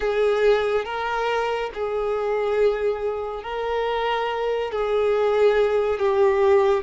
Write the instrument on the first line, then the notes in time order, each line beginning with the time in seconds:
violin
0.00 G#4
0.85 A#4
1.74 G#4
3.43 A#4
4.71 G#4
5.99 G4